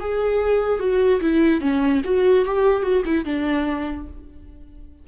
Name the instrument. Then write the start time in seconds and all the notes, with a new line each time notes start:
viola
0.00 G#4
0.80 F#4
1.21 E4
1.61 C#4
2.04 F#4
2.45 G4
2.82 F#4
3.05 E4
3.25 D4